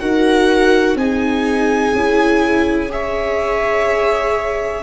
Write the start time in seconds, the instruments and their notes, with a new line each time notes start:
0.00 tuba D#4, viola F#4 A#4, violin F#5
0.95 tuba C4, viola D#4 G#4, violin G#5
1.94 tuba C#4, viola E4
2.89 viola G#4 C#5, violin E5